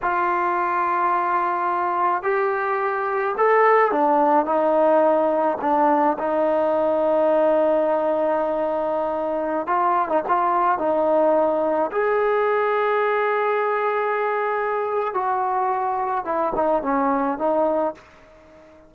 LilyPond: \new Staff \with { instrumentName = "trombone" } { \time 4/4 \tempo 4 = 107 f'1 | g'2 a'4 d'4 | dis'2 d'4 dis'4~ | dis'1~ |
dis'4~ dis'16 f'8. dis'16 f'4 dis'8.~ | dis'4~ dis'16 gis'2~ gis'8.~ | gis'2. fis'4~ | fis'4 e'8 dis'8 cis'4 dis'4 | }